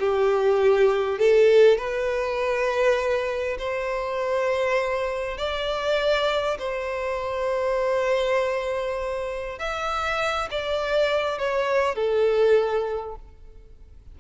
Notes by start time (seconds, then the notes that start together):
0.00 G4
1.19 A4
1.78 B4
3.59 C5
5.38 D5
6.59 C5
9.59 E5
10.51 D5
11.39 C#5
11.96 A4